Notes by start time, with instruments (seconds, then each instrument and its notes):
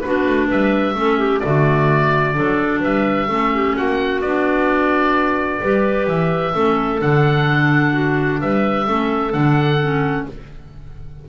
0.00 double bass B3, clarinet D4 F#4, oboe B4
0.26 double bass A3
0.47 double bass G3, clarinet B4, oboe E5
0.94 double bass A3, clarinet C#4 A4
1.18 clarinet G4
1.39 double bass D3, clarinet A3 F#4, oboe D5
2.34 double bass F#3, clarinet D4 A4
2.80 double bass G3, clarinet B4, oboe E5
3.28 double bass A3, clarinet C#4 A4
3.54 clarinet G4
3.75 double bass A#3, clarinet F#4, oboe F#5
4.21 double bass B3, clarinet D4, oboe D5
5.61 double bass G3, clarinet G4 B4
6.07 double bass E3, oboe E5
6.53 double bass A3, clarinet C#4 A4
6.99 double bass D3, clarinet D4, oboe F#5
7.92 clarinet F#4
8.40 double bass G3, clarinet B4, oboe E5
8.85 double bass A3, clarinet C#4 A4
9.31 double bass D3, clarinet D4, oboe F#5
9.82 clarinet C#4